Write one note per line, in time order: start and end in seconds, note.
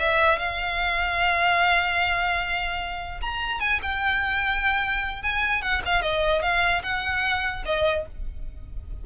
0.00 0.39 E5
0.39 3.21 F5
3.22 3.61 A#5
3.61 3.81 G#5
3.83 5.23 G5
5.23 5.62 G#5
5.62 5.82 F#5
5.86 6.02 F5
6.02 6.42 D#5
6.42 6.83 F5
6.84 7.64 F#5
7.66 8.06 D#5